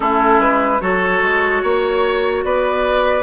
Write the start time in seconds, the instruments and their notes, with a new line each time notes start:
0.00 bassoon A3, clarinet C#4, oboe E4, flute A4
0.39 bassoon G#3, flute B4
0.80 bassoon F#3, clarinet F#4, oboe A4, flute C#5
1.21 bassoon G#3
1.62 bassoon A#3, oboe C#5
2.44 bassoon B3, oboe B4, flute D5